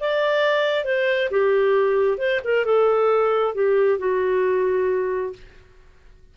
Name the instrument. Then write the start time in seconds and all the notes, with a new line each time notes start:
clarinet
0.00 D5
0.84 C5
1.30 G4
2.18 C5
2.44 A#4
2.65 A4
3.55 G4
3.99 F#4